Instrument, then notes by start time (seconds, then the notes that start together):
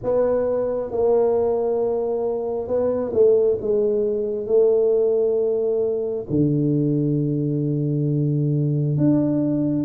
tuba
0.03 B3
0.91 A#3
2.67 B3
3.13 A3
3.61 G#3
4.46 A3
6.29 D3
8.97 D4